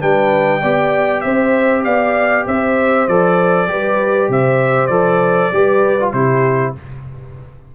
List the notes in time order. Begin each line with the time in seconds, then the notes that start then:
0.00 G3 D4 B4 G5
0.61 B3 G4 D5
1.21 C4 C5 E5
1.84 B3 D5 F5
2.47 C4 C5 E5
3.07 F3 A4 D5
3.67 G3 G4 B4
4.28 C3 C5 E5
4.87 F3 A4 D5
5.52 G3 G4 B4
5.99 F4
6.12 C3 E4 G4 C5